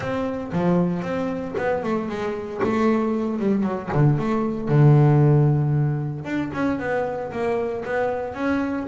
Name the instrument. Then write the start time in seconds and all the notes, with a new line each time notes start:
double bass
0.00 C4
0.52 F3
1.02 C4
1.57 B3
1.83 A3
2.08 G#3
2.63 A3
3.39 G3
3.63 F#3
3.92 D3
4.18 A3
4.68 D3
6.24 D4
6.53 C#4
6.79 B3
7.31 A#3
7.84 B3
8.34 C#4